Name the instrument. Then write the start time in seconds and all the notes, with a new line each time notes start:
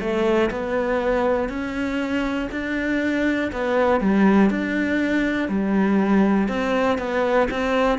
cello
0.00 A3
0.51 B3
1.50 C#4
2.52 D4
3.52 B3
4.00 G3
4.50 D4
5.49 G3
6.49 C4
6.99 B3
7.51 C4